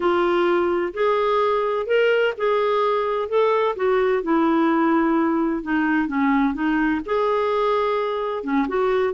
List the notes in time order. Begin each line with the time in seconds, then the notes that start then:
0.00 F4
0.93 G#4
1.86 A#4
2.37 G#4
3.28 A4
3.76 F#4
4.22 E4
5.62 D#4
6.07 C#4
6.54 D#4
7.05 G#4
8.43 C#4
8.68 F#4